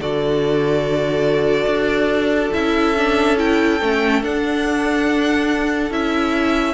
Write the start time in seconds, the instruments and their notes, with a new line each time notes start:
0.00 cello D3, viola F#4, violin A4 D5
1.66 cello D4
2.53 cello C#4, viola E4, violin E5
2.97 viola D4
3.38 viola E4, violin G5
3.81 cello A3, viola C#4
4.22 viola D4, cello D4, violin F#5
5.91 cello C#4, viola E4, violin E5